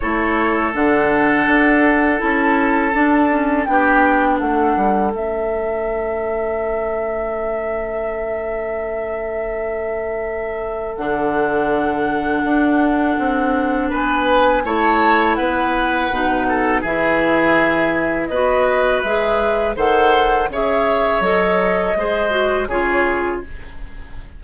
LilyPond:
<<
  \new Staff \with { instrumentName = "flute" } { \time 4/4 \tempo 4 = 82 cis''4 fis''2 a''4~ | a''4 g''4 fis''4 e''4~ | e''1~ | e''2. fis''4~ |
fis''2. gis''4 | a''4 fis''2 e''4~ | e''4 dis''4 e''4 fis''4 | e''4 dis''2 cis''4 | }
  \new Staff \with { instrumentName = "oboe" } { \time 4/4 a'1~ | a'4 g'4 a'2~ | a'1~ | a'1~ |
a'2. b'4 | cis''4 b'4. a'8 gis'4~ | gis'4 b'2 c''4 | cis''2 c''4 gis'4 | }
  \new Staff \with { instrumentName = "clarinet" } { \time 4/4 e'4 d'2 e'4 | d'8 cis'8 d'2 cis'4~ | cis'1~ | cis'2. d'4~ |
d'1 | e'2 dis'4 e'4~ | e'4 fis'4 gis'4 a'4 | gis'4 a'4 gis'8 fis'8 f'4 | }
  \new Staff \with { instrumentName = "bassoon" } { \time 4/4 a4 d4 d'4 cis'4 | d'4 b4 a8 g8 a4~ | a1~ | a2. d4~ |
d4 d'4 c'4 b4 | a4 b4 b,4 e4~ | e4 b4 gis4 dis4 | cis4 fis4 gis4 cis4 | }
>>